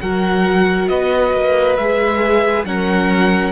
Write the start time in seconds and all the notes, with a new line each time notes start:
0.00 F#3 F#4 A#4 F#5
0.88 B3 B4 D#5
1.33 A#3
1.76 G#3 G#4 E5
2.64 F#3 C#4 A#4 F#5